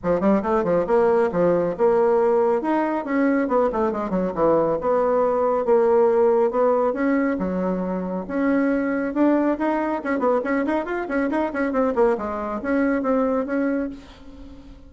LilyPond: \new Staff \with { instrumentName = "bassoon" } { \time 4/4 \tempo 4 = 138 f8 g8 a8 f8 ais4 f4 | ais2 dis'4 cis'4 | b8 a8 gis8 fis8 e4 b4~ | b4 ais2 b4 |
cis'4 fis2 cis'4~ | cis'4 d'4 dis'4 cis'8 b8 | cis'8 dis'8 f'8 cis'8 dis'8 cis'8 c'8 ais8 | gis4 cis'4 c'4 cis'4 | }